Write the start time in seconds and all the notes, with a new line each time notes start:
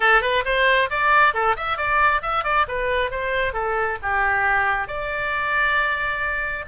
0.00 A4
0.21 B4
0.45 C5
0.89 D5
1.33 A4
1.56 E5
1.77 D5
2.22 E5
2.44 D5
2.68 B4
3.10 C5
3.53 A4
4.02 G4
4.87 D5